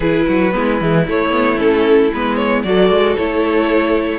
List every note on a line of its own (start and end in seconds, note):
0.00 0.25 E3
0.00 0.53 E4
0.00 0.25 G#4
0.00 1.05 B4
0.27 0.54 F#3
0.27 0.54 F#4
0.53 0.81 G#3
0.53 0.79 B3
0.53 2.66 E4
0.80 1.07 E3
0.80 1.06 G#3
1.07 2.12 A3
1.07 1.30 A3
1.07 1.59 C#5
1.30 1.56 B3
1.57 2.10 C#4
1.57 2.11 A4
2.13 2.64 G#3
2.13 2.65 B3
2.13 2.36 B4
2.36 2.62 C#5
2.63 2.89 F#3
2.63 3.17 F#4
2.63 4.19 A4
2.63 3.15 D5
2.89 3.15 G#3
3.16 4.19 A3
3.16 4.19 E4
3.16 4.19 C#5